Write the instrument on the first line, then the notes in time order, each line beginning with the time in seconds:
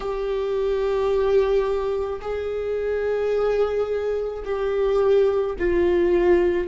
viola
0.00 G4
2.21 G#4
4.44 G4
5.59 F4